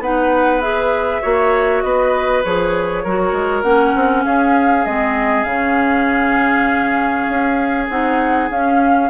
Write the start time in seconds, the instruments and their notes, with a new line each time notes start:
0.00 bassoon B3, clarinet D#4, oboe B4, flute F#5
0.61 clarinet G#4, flute E5
1.22 bassoon A#3, clarinet F#4, oboe C#5
1.82 bassoon B3, oboe B4, flute D#5
2.44 bassoon F3, clarinet G#4, flute C#5
3.04 bassoon F#3, clarinet F#4, oboe A#4
3.33 bassoon G#3
3.63 bassoon A#3, clarinet C#4, flute F#5
3.95 bassoon C4
4.24 bassoon C#4, oboe G#4, flute F5
4.85 bassoon G#3, clarinet C4, flute D#5
5.44 bassoon C#3, clarinet C#4, flute F5
7.29 bassoon C#4
7.89 bassoon C4, clarinet D#4, flute F#5
8.50 bassoon C#4, clarinet C#4, flute F5